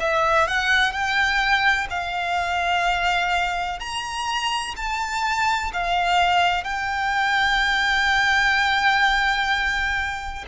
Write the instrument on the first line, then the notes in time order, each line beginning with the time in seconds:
violin
0.00 E5
0.48 F#5
0.92 G5
1.90 F5
3.80 A#5
4.77 A5
5.73 F5
6.64 G5